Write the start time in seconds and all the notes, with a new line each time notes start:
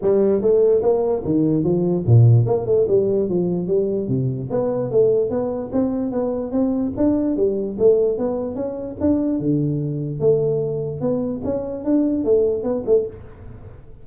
0.02 G3
0.41 A3
0.82 A#3
1.24 D#3
1.63 F3
2.06 A#2
2.46 A#3
2.65 A3
2.88 G3
3.28 F3
3.67 G3
4.08 C3
4.50 B3
4.90 A3
5.29 B3
5.72 C4
6.11 B3
6.51 C4
6.96 D4
7.36 G3
7.78 A3
8.17 B3
8.55 C#4
9.00 D4
9.39 D3
10.19 A3
11.00 B3
11.44 C#4
11.84 D4
12.24 A3
12.63 B3
12.86 A3